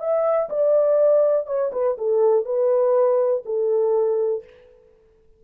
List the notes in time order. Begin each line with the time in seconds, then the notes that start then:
0.00 E5
0.50 D5
1.47 C#5
1.73 B4
1.98 A4
2.45 B4
3.46 A4